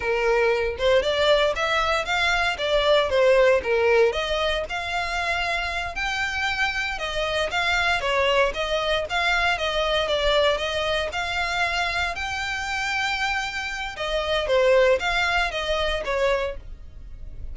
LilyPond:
\new Staff \with { instrumentName = "violin" } { \time 4/4 \tempo 4 = 116 ais'4. c''8 d''4 e''4 | f''4 d''4 c''4 ais'4 | dis''4 f''2~ f''8 g''8~ | g''4. dis''4 f''4 cis''8~ |
cis''8 dis''4 f''4 dis''4 d''8~ | d''8 dis''4 f''2 g''8~ | g''2. dis''4 | c''4 f''4 dis''4 cis''4 | }